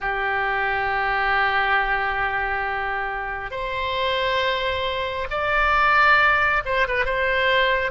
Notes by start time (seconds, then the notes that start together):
0.00 G4
3.51 C5
5.30 D5
6.65 C5
6.87 B4
7.05 C5